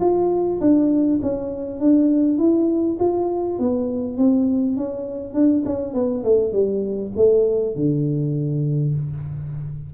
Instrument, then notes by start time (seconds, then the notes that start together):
tuba
0.00 F4
0.60 D4
1.22 C#4
1.79 D4
2.38 E4
2.99 F4
3.59 B3
4.17 C4
4.76 C#4
5.33 D4
5.65 C#4
5.94 B3
6.23 A3
6.52 G3
7.16 A3
7.75 D3